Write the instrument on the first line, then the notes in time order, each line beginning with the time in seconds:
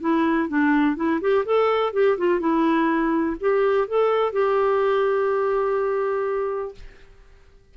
clarinet
0.00 E4
0.48 D4
0.96 E4
1.21 G4
1.45 A4
1.93 G4
2.17 F4
2.39 E4
3.40 G4
3.88 A4
4.32 G4